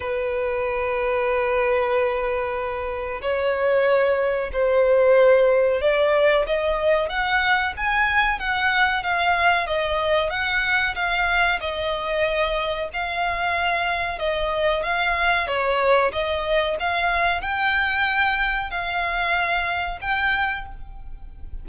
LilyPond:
\new Staff \with { instrumentName = "violin" } { \time 4/4 \tempo 4 = 93 b'1~ | b'4 cis''2 c''4~ | c''4 d''4 dis''4 fis''4 | gis''4 fis''4 f''4 dis''4 |
fis''4 f''4 dis''2 | f''2 dis''4 f''4 | cis''4 dis''4 f''4 g''4~ | g''4 f''2 g''4 | }